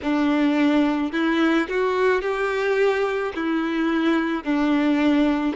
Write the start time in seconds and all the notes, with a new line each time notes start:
0.02 D4
1.12 E4
1.68 F#4
2.21 G4
3.35 E4
4.44 D4